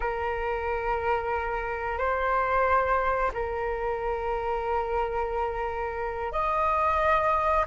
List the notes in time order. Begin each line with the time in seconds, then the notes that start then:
0.00 A#4
1.98 C5
3.33 A#4
6.32 D#5